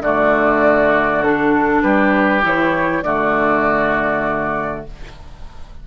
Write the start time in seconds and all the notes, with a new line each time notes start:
0.00 D3 A3 F#4 D5
1.23 D4 A4
1.82 G3 G4 B4
2.42 E3 E4 C#5
3.03 D3 A3 F#4 D5